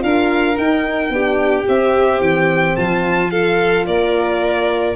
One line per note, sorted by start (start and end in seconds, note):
0.00 0.58 D4
0.00 0.55 F4
0.00 1.13 A#4
0.00 0.58 F5
0.55 1.10 D#4
0.55 1.68 G5
1.10 1.65 B3
1.10 1.66 D4
1.10 2.78 G4
1.66 3.31 C4
1.66 2.21 C4
1.66 2.22 E5
2.21 2.76 E3
2.21 2.76 G5
2.76 3.87 F3
2.76 3.32 F4
2.76 3.31 A5
3.31 4.96 F4
3.31 3.87 A4
3.31 3.86 F5
3.86 4.96 A#3
3.86 4.96 A#4
3.86 4.96 D5